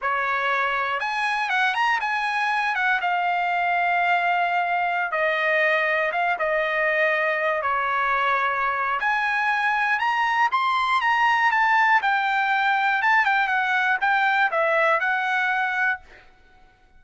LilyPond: \new Staff \with { instrumentName = "trumpet" } { \time 4/4 \tempo 4 = 120 cis''2 gis''4 fis''8 ais''8 | gis''4. fis''8 f''2~ | f''2~ f''16 dis''4.~ dis''16~ | dis''16 f''8 dis''2~ dis''8 cis''8.~ |
cis''2 gis''2 | ais''4 c'''4 ais''4 a''4 | g''2 a''8 g''8 fis''4 | g''4 e''4 fis''2 | }